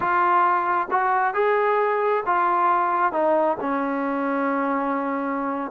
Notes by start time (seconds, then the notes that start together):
0.00 F4
0.90 F#4
1.34 G#4
2.26 F4
3.12 D#4
3.60 C#4